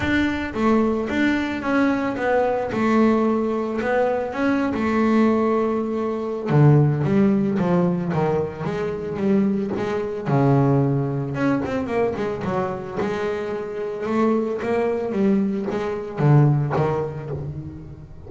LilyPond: \new Staff \with { instrumentName = "double bass" } { \time 4/4 \tempo 4 = 111 d'4 a4 d'4 cis'4 | b4 a2 b4 | cis'8. a2.~ a16 | d4 g4 f4 dis4 |
gis4 g4 gis4 cis4~ | cis4 cis'8 c'8 ais8 gis8 fis4 | gis2 a4 ais4 | g4 gis4 d4 dis4 | }